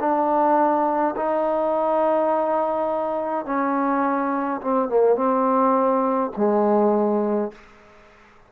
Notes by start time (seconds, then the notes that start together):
0.00 D4
1.16 D#4
3.46 C#4
4.62 C4
4.89 A#3
5.16 C4
6.37 G#3